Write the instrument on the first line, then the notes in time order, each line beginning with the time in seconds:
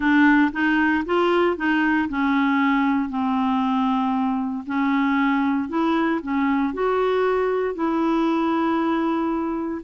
clarinet
0.00 D4
0.52 D#4
1.05 F4
1.57 D#4
2.08 C#4
3.09 C4
4.66 C#4
5.68 E4
6.21 C#4
6.73 F#4
7.74 E4